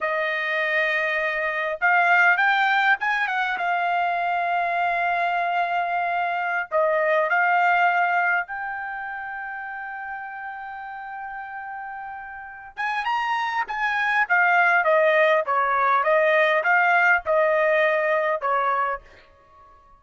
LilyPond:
\new Staff \with { instrumentName = "trumpet" } { \time 4/4 \tempo 4 = 101 dis''2. f''4 | g''4 gis''8 fis''8 f''2~ | f''2.~ f''16 dis''8.~ | dis''16 f''2 g''4.~ g''16~ |
g''1~ | g''4. gis''8 ais''4 gis''4 | f''4 dis''4 cis''4 dis''4 | f''4 dis''2 cis''4 | }